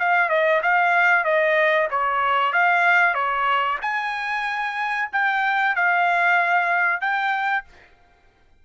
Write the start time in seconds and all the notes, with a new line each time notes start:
0.00 F5
0.30 D#5
0.63 F5
1.25 D#5
1.91 C#5
2.53 F5
3.15 C#5
3.82 G#5
5.13 G5
5.76 F5
7.01 G5